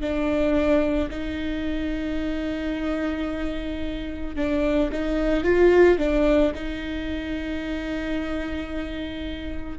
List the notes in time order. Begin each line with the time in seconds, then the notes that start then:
0.00 D4
1.10 D#4
4.36 D4
4.91 D#4
5.43 F4
5.98 D4
6.54 D#4